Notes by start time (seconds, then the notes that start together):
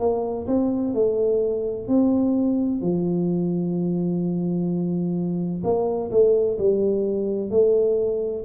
0.00 A#3
0.47 C4
0.94 A3
1.88 C4
2.82 F3
5.64 A#3
6.11 A3
6.59 G3
7.50 A3